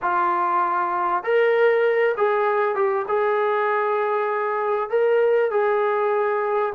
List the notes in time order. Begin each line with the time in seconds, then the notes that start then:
0.02 F4
1.23 A#4
2.17 G#4
2.75 G4
3.08 G#4
4.89 A#4
5.50 G#4